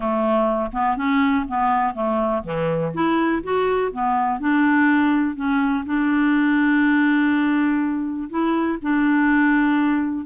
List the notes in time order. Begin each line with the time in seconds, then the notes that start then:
0.00 A3
0.72 B3
0.96 C#4
1.48 B3
1.94 A3
2.43 E3
2.94 E4
3.43 F#4
3.92 B3
4.39 D4
5.35 C#4
5.85 D4
8.29 E4
8.82 D4